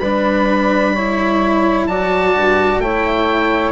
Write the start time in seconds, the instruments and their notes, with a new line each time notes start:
0.00 bassoon G3, cello D4, saxophone B4, oboe B5
0.93 cello E4, saxophone C#5
1.88 bassoon F#3, cello F#4, saxophone D5, oboe A5
2.36 bassoon G2
2.79 bassoon A3, cello E4, saxophone C#5, oboe G5